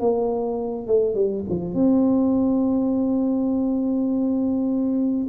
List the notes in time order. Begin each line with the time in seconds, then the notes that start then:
0.00 A#3
0.87 A3
1.15 G3
1.49 F3
1.74 C4